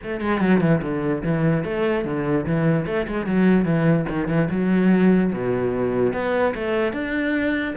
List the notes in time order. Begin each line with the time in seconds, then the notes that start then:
0.03 A3
0.20 G#3
0.41 F#3
0.60 E3
0.82 D3
1.23 E3
1.64 A3
2.04 D3
2.45 E3
2.86 A3
3.07 G#3
3.26 F#3
3.64 E3
4.08 D#3
4.28 E3
4.50 F#3
5.32 B2
6.13 B3
6.55 A3
6.92 D4